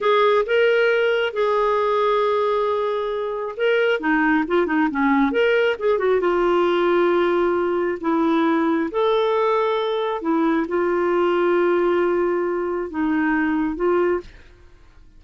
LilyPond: \new Staff \with { instrumentName = "clarinet" } { \time 4/4 \tempo 4 = 135 gis'4 ais'2 gis'4~ | gis'1 | ais'4 dis'4 f'8 dis'8 cis'4 | ais'4 gis'8 fis'8 f'2~ |
f'2 e'2 | a'2. e'4 | f'1~ | f'4 dis'2 f'4 | }